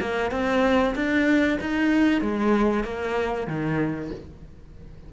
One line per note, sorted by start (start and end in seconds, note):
0.00 0.31 A#3
0.31 0.94 C4
0.95 1.58 D4
1.60 2.21 D#4
2.21 2.84 G#3
2.84 3.47 A#3
3.47 4.10 D#3